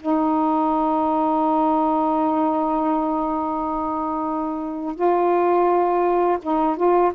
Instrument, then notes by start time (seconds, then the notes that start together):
saxophone
0.00 D#4
4.96 F4
6.43 D#4
6.77 F4